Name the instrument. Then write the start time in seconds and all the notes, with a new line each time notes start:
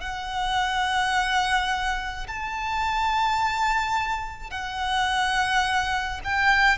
violin
0.00 F#5
2.27 A5
4.50 F#5
6.24 G5